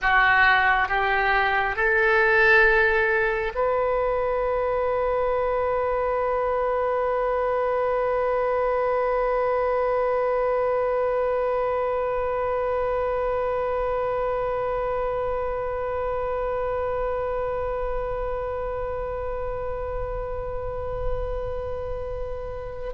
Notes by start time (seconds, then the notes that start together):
0.01 F#4
0.88 G4
1.76 A4
3.55 B4